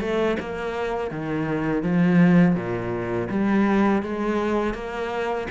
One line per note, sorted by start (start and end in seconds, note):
0.00 0.37 A3
0.40 1.10 A#3
1.10 1.83 D#3
1.83 2.55 F3
2.55 3.28 A#2
3.29 4.02 G3
4.02 4.74 G#3
4.74 5.47 A#3